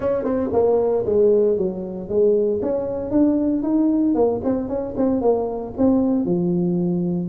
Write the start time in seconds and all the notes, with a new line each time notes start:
0.00 C#4
0.23 C4
0.52 A#3
1.05 G#3
1.57 F#3
2.08 G#3
2.62 C#4
3.10 D4
3.63 D#4
4.15 A#3
4.43 C4
4.68 C#4
4.96 C4
5.21 A#3
5.77 C4
6.25 F3